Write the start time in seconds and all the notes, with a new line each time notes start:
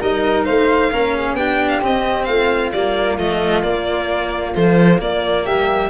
0.00 G3 D#4 A#4 D#5
0.44 A3 C5 F5
0.92 A#3 C#4 A#4
1.14 G#4
1.34 B3 D4 G4 G5
1.69 F5
1.81 C4 D#5
2.24 A3 F4 F5
2.72 G3 A#3 D5
3.17 F3 A3 D#5
3.62 A#3 D5
4.55 F3 A3 C5
4.98 A#3 D5
5.44 G3 G4 E5